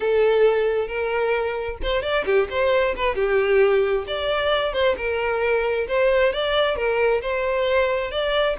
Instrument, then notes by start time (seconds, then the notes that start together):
violin
0.00 A4
0.87 A#4
1.82 C5
2.02 D5
2.25 G4
2.50 C5
2.96 B4
3.15 G4
4.07 D5
4.73 C5
4.97 A#4
5.87 C5
6.32 D5
6.76 A#4
7.21 C5
8.11 D5